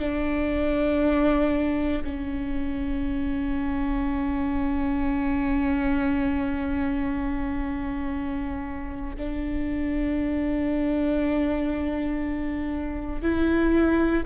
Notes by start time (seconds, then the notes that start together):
0.00 D4
2.05 C#4
9.17 D4
13.22 E4